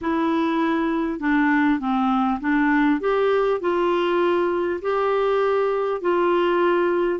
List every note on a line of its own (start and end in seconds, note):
0.01 1.19 E4
1.19 1.79 D4
1.79 2.39 C4
2.40 3.00 D4
3.00 3.60 G4
3.60 4.80 F4
4.81 6.01 G4
6.01 7.19 F4